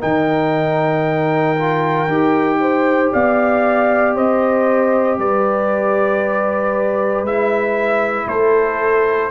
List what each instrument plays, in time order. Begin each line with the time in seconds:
0.00 tuba D#3, trombone D#4, horn A#4, trumpet G5
1.56 trombone F4
2.08 tuba D#4, trombone G4
2.60 horn C5
3.12 tuba B3, horn D5, trumpet F5
4.15 tuba C4, horn C5, trumpet D#5
5.18 tuba G3, horn B4, trumpet D5
7.22 tuba G#3, trombone E4, trumpet E5
8.27 tuba A3, horn A4, trumpet C5